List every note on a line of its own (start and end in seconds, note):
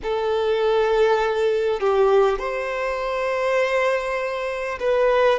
0.03 1.79 A4
1.79 2.38 G4
2.38 4.78 C5
4.79 5.39 B4